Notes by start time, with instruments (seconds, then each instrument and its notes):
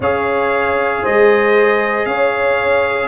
0.00 tuba C#4, trombone G#4, horn C#5, trumpet F5
1.03 tuba G#3, horn C5, trumpet D#5
2.05 tuba C#4, horn C#5, trumpet F5